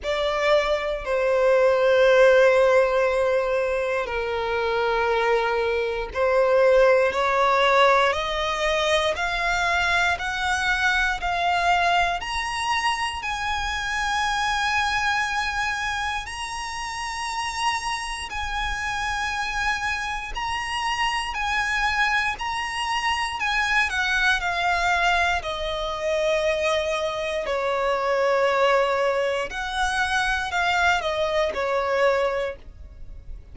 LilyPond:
\new Staff \with { instrumentName = "violin" } { \time 4/4 \tempo 4 = 59 d''4 c''2. | ais'2 c''4 cis''4 | dis''4 f''4 fis''4 f''4 | ais''4 gis''2. |
ais''2 gis''2 | ais''4 gis''4 ais''4 gis''8 fis''8 | f''4 dis''2 cis''4~ | cis''4 fis''4 f''8 dis''8 cis''4 | }